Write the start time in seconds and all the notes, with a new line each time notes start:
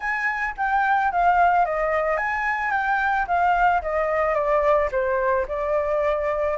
0.00 G#5
0.57 G5
1.11 F5
1.65 D#5
2.17 G#5
2.71 G5
3.27 F5
3.82 D#5
4.34 D5
4.91 C5
5.48 D5